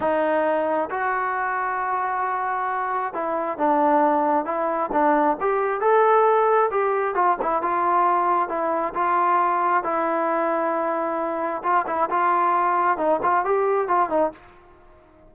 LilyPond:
\new Staff \with { instrumentName = "trombone" } { \time 4/4 \tempo 4 = 134 dis'2 fis'2~ | fis'2. e'4 | d'2 e'4 d'4 | g'4 a'2 g'4 |
f'8 e'8 f'2 e'4 | f'2 e'2~ | e'2 f'8 e'8 f'4~ | f'4 dis'8 f'8 g'4 f'8 dis'8 | }